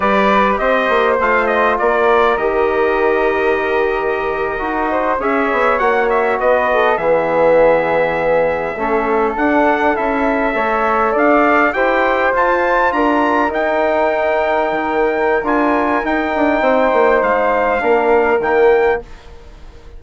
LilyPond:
<<
  \new Staff \with { instrumentName = "trumpet" } { \time 4/4 \tempo 4 = 101 d''4 dis''4 f''8 dis''8 d''4 | dis''1~ | dis''8. e''4 fis''8 e''8 dis''4 e''16~ | e''2.~ e''8. fis''16~ |
fis''8. e''2 f''4 g''16~ | g''8. a''4 ais''4 g''4~ g''16~ | g''2 gis''4 g''4~ | g''4 f''2 g''4 | }
  \new Staff \with { instrumentName = "flute" } { \time 4/4 b'4 c''2 ais'4~ | ais'1~ | ais'16 c''8 cis''2 b'8 a'8 gis'16~ | gis'2~ gis'8. a'4~ a'16~ |
a'4.~ a'16 cis''4 d''4 c''16~ | c''4.~ c''16 ais'2~ ais'16~ | ais'1 | c''2 ais'2 | }
  \new Staff \with { instrumentName = "trombone" } { \time 4/4 g'2 f'2 | g'2.~ g'8. fis'16~ | fis'8. gis'4 fis'2 b16~ | b2~ b8. cis'4 d'16~ |
d'8. e'4 a'2 g'16~ | g'8. f'2 dis'4~ dis'16~ | dis'2 f'4 dis'4~ | dis'2 d'4 ais4 | }
  \new Staff \with { instrumentName = "bassoon" } { \time 4/4 g4 c'8 ais8 a4 ais4 | dis2.~ dis8. dis'16~ | dis'8. cis'8 b8 ais4 b4 e16~ | e2~ e8. a4 d'16~ |
d'8. cis'4 a4 d'4 e'16~ | e'8. f'4 d'4 dis'4~ dis'16~ | dis'8. dis4~ dis16 d'4 dis'8 d'8 | c'8 ais8 gis4 ais4 dis4 | }
>>